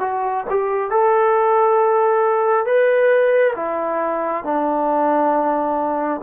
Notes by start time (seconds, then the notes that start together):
0.00 F#4
0.50 G4
0.91 A4
2.66 B4
3.56 E4
4.45 D4